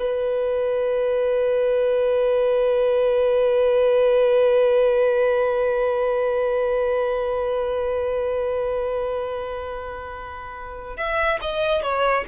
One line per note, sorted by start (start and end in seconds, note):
0.00 10.97 B4
10.97 11.40 E5
11.42 11.83 D#5
11.83 12.25 C#5